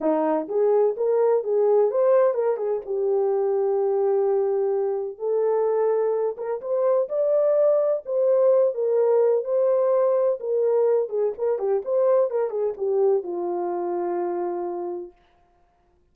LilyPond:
\new Staff \with { instrumentName = "horn" } { \time 4/4 \tempo 4 = 127 dis'4 gis'4 ais'4 gis'4 | c''4 ais'8 gis'8 g'2~ | g'2. a'4~ | a'4. ais'8 c''4 d''4~ |
d''4 c''4. ais'4. | c''2 ais'4. gis'8 | ais'8 g'8 c''4 ais'8 gis'8 g'4 | f'1 | }